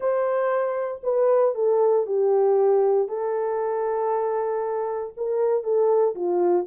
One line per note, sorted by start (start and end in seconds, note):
0.00 1.01 C5
1.03 1.54 B4
1.55 2.06 A4
2.06 3.08 G4
3.08 5.13 A4
5.17 5.63 A#4
5.63 6.14 A4
6.15 6.66 F4